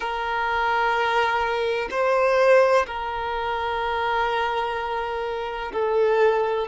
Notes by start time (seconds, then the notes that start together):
0.00 A#4
1.90 C5
2.86 A#4
5.72 A4